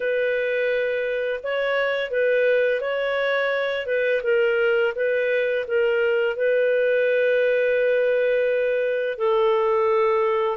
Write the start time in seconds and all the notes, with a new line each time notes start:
0.00 B4
1.43 C#5
2.10 B4
2.80 C#5
3.86 B4
4.23 A#4
4.95 B4
5.67 A#4
6.36 B4
9.18 A4